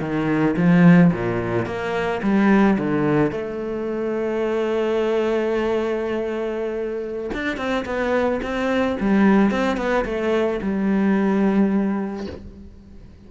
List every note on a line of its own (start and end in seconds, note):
0.00 0.55 D#3
0.56 1.11 F3
1.12 1.66 A#2
1.66 2.21 A#3
2.22 2.77 G3
2.78 3.31 D3
3.31 7.30 A3
7.33 7.57 D4
7.57 7.84 C4
7.85 8.40 B3
8.42 8.97 C4
9.00 9.51 G3
9.51 9.77 C4
9.77 10.04 B3
10.05 10.60 A3
10.61 12.27 G3